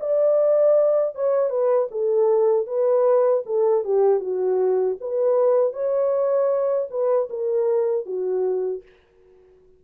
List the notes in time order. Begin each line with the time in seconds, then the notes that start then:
0.00 D5
1.15 C#5
1.50 B4
1.91 A4
2.66 B4
3.46 A4
3.84 G4
4.20 F#4
5.00 B4
5.73 C#5
6.90 B4
7.30 A#4
8.06 F#4